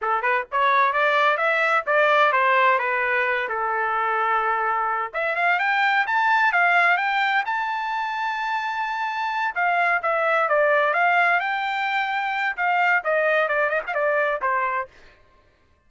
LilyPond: \new Staff \with { instrumentName = "trumpet" } { \time 4/4 \tempo 4 = 129 a'8 b'8 cis''4 d''4 e''4 | d''4 c''4 b'4. a'8~ | a'2. e''8 f''8 | g''4 a''4 f''4 g''4 |
a''1~ | a''8 f''4 e''4 d''4 f''8~ | f''8 g''2~ g''8 f''4 | dis''4 d''8 dis''16 f''16 d''4 c''4 | }